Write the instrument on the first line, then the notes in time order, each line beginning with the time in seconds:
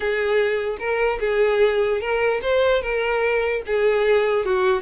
violin
0.00 G#4
0.79 A#4
1.20 G#4
2.00 A#4
2.42 C5
2.82 A#4
3.66 G#4
4.45 F#4